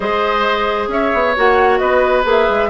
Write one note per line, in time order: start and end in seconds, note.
0.00 0.88 G#3
0.00 1.34 G#4
0.00 0.89 C5
0.00 0.88 D#5
0.88 1.10 C#4
0.88 1.80 C#5
0.88 1.36 E5
1.13 1.36 B3
1.36 1.80 A#3
1.36 2.23 F#4
1.36 1.78 F#5
1.78 2.25 B3
1.78 2.69 B4
1.78 2.23 D#5
2.23 2.47 A#3
2.23 2.68 G#4
2.30 2.69 E5
2.49 2.69 G#3